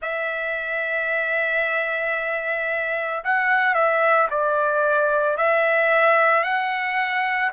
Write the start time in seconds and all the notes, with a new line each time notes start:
0.02 E5
3.24 F#5
3.74 E5
4.30 D5
5.37 E5
6.43 F#5